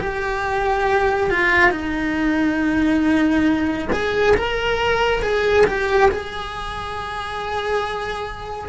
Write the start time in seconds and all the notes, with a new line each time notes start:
0.00 G4
1.30 F4
1.71 D#4
3.92 G#4
4.36 A#4
5.22 G#4
5.66 G4
6.11 G#4